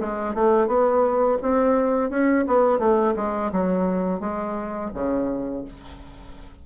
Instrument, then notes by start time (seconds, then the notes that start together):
bassoon
0.00 G#3
0.34 A3
0.67 B3
1.42 C4
2.10 C#4
2.47 B3
2.79 A3
3.16 G#3
3.52 F#3
4.20 G#3
4.94 C#3